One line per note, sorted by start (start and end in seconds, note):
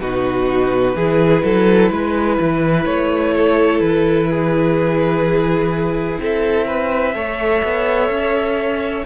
0.00 0.95 B2
0.00 0.97 D#4
0.00 0.96 F#4
0.00 2.86 B4
0.95 1.43 E3
0.95 7.15 E4
0.95 1.44 G#4
1.44 1.91 F#3
1.44 1.92 A4
1.91 2.38 G#3
1.91 3.35 B4
2.40 2.86 E3
2.86 3.80 A3
2.86 3.81 C#5
3.36 4.30 A4
3.80 6.18 E3
3.80 6.19 B4
4.30 6.21 G#4
6.20 7.15 C4
6.20 6.68 A4
6.20 9.06 E5
6.68 7.15 B4
7.15 7.62 A3
7.15 9.06 A4
7.15 9.06 C#5
7.64 8.10 B3
8.10 9.05 C#4